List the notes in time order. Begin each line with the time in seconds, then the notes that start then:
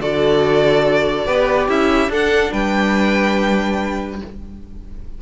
0.00 D3 F#4 A4 D5
1.26 B3 G4 B4
1.69 C#4 E4 E5
2.09 D4 A4 F#5
2.52 G3 B4 G5